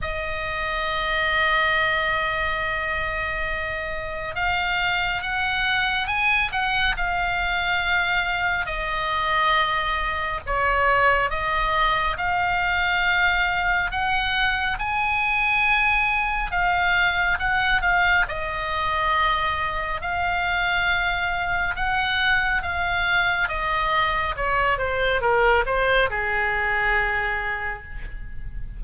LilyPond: \new Staff \with { instrumentName = "oboe" } { \time 4/4 \tempo 4 = 69 dis''1~ | dis''4 f''4 fis''4 gis''8 fis''8 | f''2 dis''2 | cis''4 dis''4 f''2 |
fis''4 gis''2 f''4 | fis''8 f''8 dis''2 f''4~ | f''4 fis''4 f''4 dis''4 | cis''8 c''8 ais'8 c''8 gis'2 | }